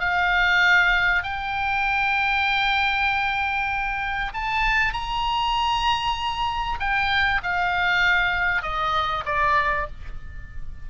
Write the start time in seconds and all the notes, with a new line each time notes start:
0.00 F5
1.23 G5
4.34 A5
4.93 A#5
6.80 G5
7.43 F5
8.62 D#5
9.25 D5